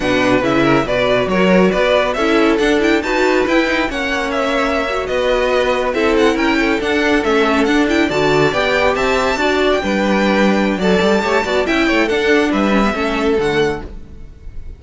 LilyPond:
<<
  \new Staff \with { instrumentName = "violin" } { \time 4/4 \tempo 4 = 139 fis''4 e''4 d''4 cis''4 | d''4 e''4 fis''8 g''8 a''4 | g''4 fis''4 e''4.~ e''16 dis''16~ | dis''4.~ dis''16 e''8 fis''8 g''4 fis''16~ |
fis''8. e''4 fis''8 g''8 a''4 g''16~ | g''8. a''4.~ a''16 g''4.~ | g''4 a''2 g''4 | fis''4 e''2 fis''4 | }
  \new Staff \with { instrumentName = "violin" } { \time 4/4 b'4. ais'8 b'4 ais'4 | b'4 a'2 b'4~ | b'4 cis''2~ cis''8. b'16~ | b'4.~ b'16 a'4 ais'8 a'8.~ |
a'2~ a'8. d''4~ d''16~ | d''8. e''4 d''4 b'4~ b'16~ | b'4 d''4 cis''8 d''8 e''8 cis''8 | a'4 b'4 a'2 | }
  \new Staff \with { instrumentName = "viola" } { \time 4/4 d'4 e'4 fis'2~ | fis'4 e'4 d'8 e'8 fis'4 | e'8 dis'8 cis'2~ cis'16 fis'8.~ | fis'4.~ fis'16 e'2 d'16~ |
d'8. cis'4 d'8 e'8 fis'4 g'16~ | g'4.~ g'16 fis'4 d'4~ d'16~ | d'4 a'4 g'8 fis'8 e'4 | d'4. cis'16 b16 cis'4 a4 | }
  \new Staff \with { instrumentName = "cello" } { \time 4/4 b,4 cis4 b,4 fis4 | b4 cis'4 d'4 dis'4 | e'4 ais2~ ais8. b16~ | b4.~ b16 c'4 cis'4 d'16~ |
d'8. a4 d'4 d4 b16~ | b8. c'4 d'4 g4~ g16~ | g4 fis8 g8 a8 b8 cis'8 a8 | d'4 g4 a4 d4 | }
>>